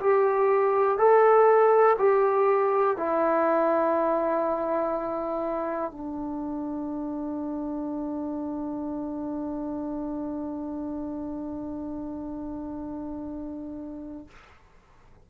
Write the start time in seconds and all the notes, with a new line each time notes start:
0.00 G4
0.98 A4
1.98 G4
2.97 E4
5.91 D4